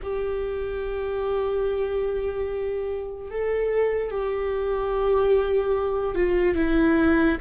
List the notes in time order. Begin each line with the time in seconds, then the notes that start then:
0.02 G4
3.30 A4
4.10 G4
6.15 F4
6.55 E4